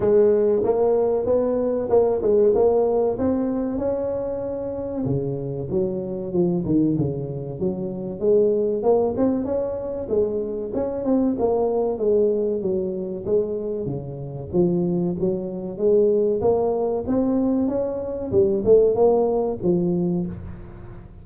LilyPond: \new Staff \with { instrumentName = "tuba" } { \time 4/4 \tempo 4 = 95 gis4 ais4 b4 ais8 gis8 | ais4 c'4 cis'2 | cis4 fis4 f8 dis8 cis4 | fis4 gis4 ais8 c'8 cis'4 |
gis4 cis'8 c'8 ais4 gis4 | fis4 gis4 cis4 f4 | fis4 gis4 ais4 c'4 | cis'4 g8 a8 ais4 f4 | }